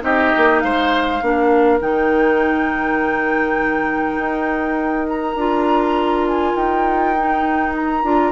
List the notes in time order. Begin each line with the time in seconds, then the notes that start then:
0.00 C4 D#4 G4 D#5
0.37 A#3
0.60 G#3 C5 F5
1.22 A#3 D4 A#4
1.80 D#3 D#4 G5
4.18 D#4
5.08 A#5
5.35 D4 F4
6.27 G#5
6.55 D#4 G5
7.17 D#4
7.76 A#5
8.03 D4 F4